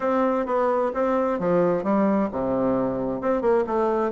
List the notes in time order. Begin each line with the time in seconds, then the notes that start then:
0.00 C4
0.46 B3
0.93 C4
1.39 F3
1.83 G3
2.31 C3
3.21 C4
3.41 A#3
3.66 A3